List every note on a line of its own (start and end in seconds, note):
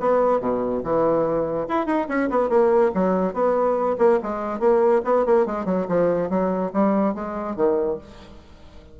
0.00 0.40 B3
0.40 0.82 B2
0.84 1.67 E3
1.69 1.86 E4
1.86 2.07 D#4
2.09 2.30 C#4
2.30 2.49 B3
2.49 2.91 A#3
2.94 3.34 F#3
3.34 3.97 B3
3.98 4.19 A#3
4.23 4.60 G#3
4.60 5.02 A#3
5.05 5.26 B3
5.26 5.46 A#3
5.46 5.65 G#3
5.65 5.86 F#3
5.89 6.30 F3
6.30 6.72 F#3
6.73 7.14 G3
7.14 7.56 G#3
7.56 7.98 D#3